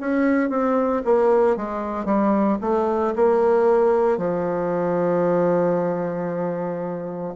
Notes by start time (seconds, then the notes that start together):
0.00 C#4
0.50 C4
1.05 A#3
1.56 G#3
2.05 G3
2.61 A3
3.16 A#3
4.18 F3